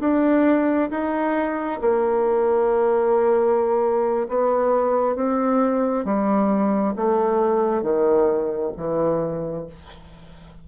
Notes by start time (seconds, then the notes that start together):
0.00 D4
0.90 D#4
1.81 A#3
4.28 B3
5.15 C4
6.05 G3
6.96 A3
7.82 D#3
8.77 E3